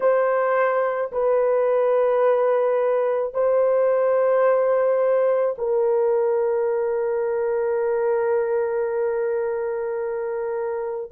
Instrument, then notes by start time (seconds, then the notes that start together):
horn
0.00 C5
1.12 B4
3.33 C5
5.58 A#4